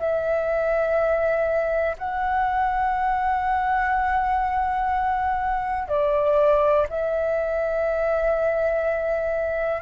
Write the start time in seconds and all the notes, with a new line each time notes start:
0.00 E5
1.99 F#5
5.88 D5
6.89 E5